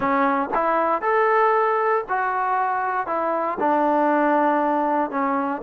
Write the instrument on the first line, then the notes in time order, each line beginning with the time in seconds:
trombone
0.00 C#4
0.53 E4
1.01 A4
2.08 F#4
3.07 E4
3.59 D4
5.10 C#4